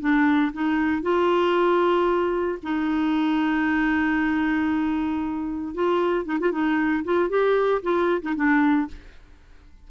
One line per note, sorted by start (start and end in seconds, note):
0.00 0.52 D4
0.53 1.02 D#4
1.02 2.59 F4
2.63 5.75 D#4
5.75 6.26 F4
6.26 6.39 D#4
6.40 6.52 F4
6.52 7.04 D#4
7.05 7.29 F4
7.29 7.82 G4
7.83 8.22 F4
8.22 8.35 D#4
8.36 8.88 D4